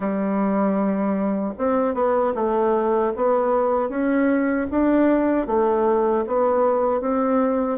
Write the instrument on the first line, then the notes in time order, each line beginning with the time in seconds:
bassoon
0.00 G3
1.58 C4
1.94 B3
2.34 A3
3.16 B3
3.89 C#4
4.70 D4
5.47 A3
6.26 B3
7.01 C4